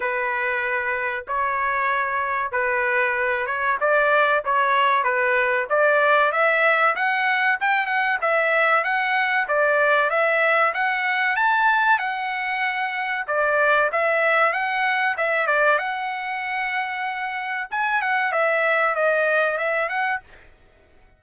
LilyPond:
\new Staff \with { instrumentName = "trumpet" } { \time 4/4 \tempo 4 = 95 b'2 cis''2 | b'4. cis''8 d''4 cis''4 | b'4 d''4 e''4 fis''4 | g''8 fis''8 e''4 fis''4 d''4 |
e''4 fis''4 a''4 fis''4~ | fis''4 d''4 e''4 fis''4 | e''8 d''8 fis''2. | gis''8 fis''8 e''4 dis''4 e''8 fis''8 | }